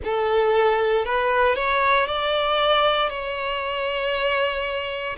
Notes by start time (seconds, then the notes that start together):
0.03 A4
1.05 B4
1.55 C#5
2.06 D5
3.09 C#5